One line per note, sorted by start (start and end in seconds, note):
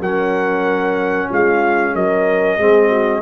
0.00 1.29 F#3
0.00 2.60 C#4
0.00 1.29 A#4
0.00 1.31 F#5
1.29 1.95 G#3
1.29 1.94 F4
1.29 1.96 F5
1.95 2.59 F#3
1.95 2.59 A#4
1.95 3.22 D#5
2.59 3.22 G#3
2.59 3.22 C4
2.59 2.90 G#4
2.90 3.22 F#4